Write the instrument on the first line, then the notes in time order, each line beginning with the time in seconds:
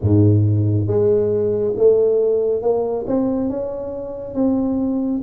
tuba
0.01 G#2
0.87 G#3
1.76 A3
2.61 A#3
3.07 C4
3.49 C#4
4.34 C4